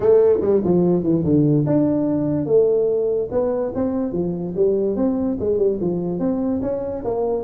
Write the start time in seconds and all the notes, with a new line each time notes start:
0.00 A3
0.41 G3
0.64 F3
1.03 E3
1.24 D3
1.66 D4
2.46 A3
3.31 B3
3.74 C4
4.12 F3
4.56 G3
4.96 C4
5.39 G#3
5.58 G3
5.80 F3
6.19 C4
6.62 C#4
7.04 A#3